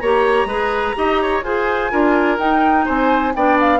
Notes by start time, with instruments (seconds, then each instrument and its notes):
0.00 bassoon A#3, clarinet G4, oboe C#5, flute A#5
0.45 bassoon G#3, clarinet G#4, oboe B4
0.95 bassoon D#4, clarinet G4, oboe D#5
1.22 oboe C#5
1.43 bassoon F4, clarinet G#4, oboe C5, flute G#5
1.91 bassoon D4, clarinet F4, oboe A#4
2.38 bassoon D#4, clarinet D#4, flute G5
2.85 bassoon C4, oboe C5, flute G#5
3.35 bassoon B3, clarinet D4, oboe D5, flute G5
3.60 flute F5